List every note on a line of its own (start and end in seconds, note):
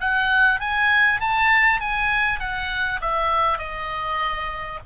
0.00 0.60 F#5
0.60 1.20 G#5
1.20 1.80 A5
1.80 2.39 G#5
2.39 3.00 F#5
3.01 3.58 E5
3.58 4.79 D#5